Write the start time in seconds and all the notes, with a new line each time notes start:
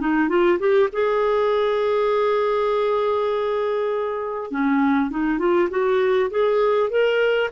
0.00 D#4
0.29 F4
0.59 G4
0.92 G#4
4.51 C#4
5.11 D#4
5.39 F4
5.70 F#4
6.31 G#4
6.90 A#4